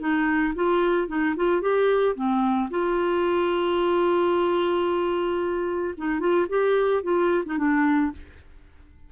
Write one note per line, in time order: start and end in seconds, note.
0.00 0.54 D#4
0.56 1.08 F4
1.08 1.35 D#4
1.37 1.62 F4
1.62 2.16 G4
2.16 2.70 C4
2.71 5.95 F4
5.98 6.20 D#4
6.20 6.47 F4
6.50 7.03 G4
7.03 7.44 F4
7.46 7.58 D#4
7.58 8.13 D4